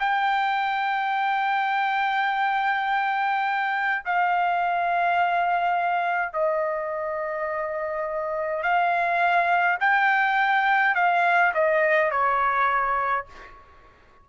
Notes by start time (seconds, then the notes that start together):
0.00 G5
4.05 F5
6.33 D#5
8.63 F5
9.80 G5
10.95 F5
11.54 D#5
12.11 C#5